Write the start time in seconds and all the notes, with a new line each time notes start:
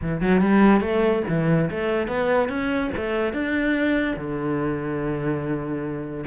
0.01 E3
0.21 F#3
0.41 G3
0.80 A3
1.28 E3
1.70 A3
2.07 B3
2.48 C#4
2.96 A3
3.33 D4
4.16 D3